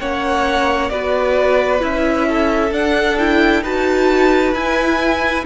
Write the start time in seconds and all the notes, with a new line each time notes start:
0.00 A#3 C#4 C#5 F#5
0.89 B3 F#4 B4 D5
1.80 C#4 E4 E5
2.28 A4
2.71 D4 F#5
3.18 E4 G5
3.62 D#4 F#4 B4 A5
4.53 E4 G#5